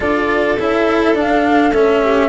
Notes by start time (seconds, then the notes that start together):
0.00 D4 F4 A4 D5
0.58 C#4 E4 E5
1.14 D4 F5
1.71 A3 C#4 E5
2.03 G4